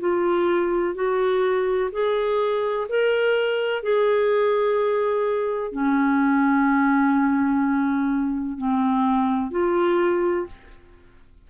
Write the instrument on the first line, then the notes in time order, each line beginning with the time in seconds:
clarinet
0.00 F4
0.94 F#4
1.91 G#4
2.88 A#4
3.83 G#4
5.71 C#4
8.57 C4
9.51 F4